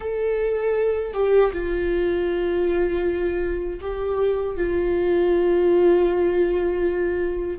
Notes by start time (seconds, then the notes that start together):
0.00 A4
1.13 G4
1.52 F4
3.80 G4
4.56 F4